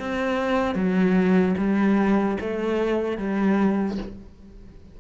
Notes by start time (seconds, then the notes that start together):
0.00 C4
0.75 F#3
1.58 G3
2.41 A3
3.18 G3